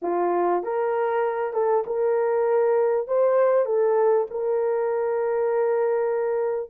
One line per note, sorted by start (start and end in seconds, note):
0.01 0.63 F4
0.63 1.53 A#4
1.53 1.84 A4
1.86 3.07 A#4
3.07 3.65 C5
3.65 4.26 A4
4.30 6.70 A#4